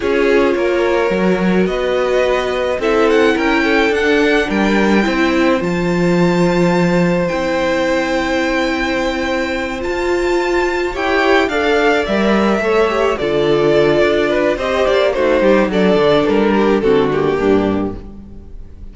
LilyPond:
<<
  \new Staff \with { instrumentName = "violin" } { \time 4/4 \tempo 4 = 107 cis''2. dis''4~ | dis''4 e''8 fis''8 g''4 fis''4 | g''2 a''2~ | a''4 g''2.~ |
g''4. a''2 g''8~ | g''8 f''4 e''2 d''8~ | d''2 dis''8 d''8 c''4 | d''4 ais'4 a'8 g'4. | }
  \new Staff \with { instrumentName = "violin" } { \time 4/4 gis'4 ais'2 b'4~ | b'4 a'4 ais'8 a'4. | ais'4 c''2.~ | c''1~ |
c''2.~ c''8 cis''8~ | cis''8 d''2 cis''4 a'8~ | a'4. b'8 c''4 fis'8 g'8 | a'4. g'8 fis'4 d'4 | }
  \new Staff \with { instrumentName = "viola" } { \time 4/4 f'2 fis'2~ | fis'4 e'2 d'4~ | d'4 e'4 f'2~ | f'4 e'2.~ |
e'4. f'2 g'8~ | g'8 a'4 ais'4 a'8 g'8 f'8~ | f'2 g'4 dis'4 | d'2 c'8 ais4. | }
  \new Staff \with { instrumentName = "cello" } { \time 4/4 cis'4 ais4 fis4 b4~ | b4 c'4 cis'4 d'4 | g4 c'4 f2~ | f4 c'2.~ |
c'4. f'2 e'8~ | e'8 d'4 g4 a4 d8~ | d4 d'4 c'8 ais8 a8 g8 | fis8 d8 g4 d4 g,4 | }
>>